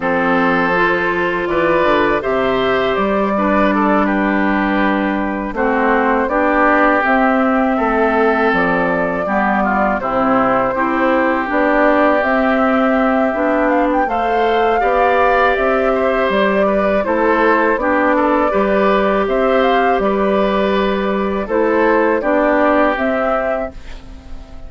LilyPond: <<
  \new Staff \with { instrumentName = "flute" } { \time 4/4 \tempo 4 = 81 c''2 d''4 e''4 | d''4. b'2 c''8~ | c''8 d''4 e''2 d''8~ | d''4. c''2 d''8~ |
d''8 e''2 f''16 g''16 f''4~ | f''4 e''4 d''4 c''4 | d''2 e''8 f''8 d''4~ | d''4 c''4 d''4 e''4 | }
  \new Staff \with { instrumentName = "oboe" } { \time 4/4 a'2 b'4 c''4~ | c''8 b'8 a'8 g'2 fis'8~ | fis'8 g'2 a'4.~ | a'8 g'8 f'8 e'4 g'4.~ |
g'2. c''4 | d''4. c''4 b'8 a'4 | g'8 a'8 b'4 c''4 b'4~ | b'4 a'4 g'2 | }
  \new Staff \with { instrumentName = "clarinet" } { \time 4/4 c'4 f'2 g'4~ | g'8 d'2. c'8~ | c'8 d'4 c'2~ c'8~ | c'8 b4 c'4 e'4 d'8~ |
d'8 c'4. d'4 a'4 | g'2. e'4 | d'4 g'2.~ | g'4 e'4 d'4 c'4 | }
  \new Staff \with { instrumentName = "bassoon" } { \time 4/4 f2 e8 d8 c4 | g2.~ g8 a8~ | a8 b4 c'4 a4 f8~ | f8 g4 c4 c'4 b8~ |
b8 c'4. b4 a4 | b4 c'4 g4 a4 | b4 g4 c'4 g4~ | g4 a4 b4 c'4 | }
>>